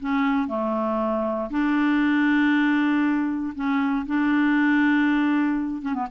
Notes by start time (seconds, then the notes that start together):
0.00 C#4
0.48 A3
1.50 D4
3.55 C#4
4.06 D4
5.82 C#4
5.94 B3